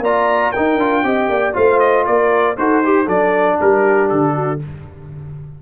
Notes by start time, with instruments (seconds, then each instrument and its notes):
0.00 tuba A#3, trombone F4, horn D5, trumpet A#5
0.52 trombone D#4, tuba D#4, horn A#4, trumpet G5
0.78 tuba D4, trombone F4
1.03 tuba C4, trombone G4, horn D#5
1.29 tuba A#3, horn D5
1.54 tuba A3, trombone F4, horn C5, trumpet F5
1.80 trumpet D#5
2.06 tuba A#3, horn A#4, trumpet D5
2.57 tuba D#4, trombone F#4, horn A4, trumpet C5
2.83 horn G4, trombone G4
3.04 tuba F#3, trombone D4, horn A4, trumpet D5
3.61 tuba G3, horn G4, trumpet A#4
4.09 tuba D3, trumpet A4
4.34 horn F#4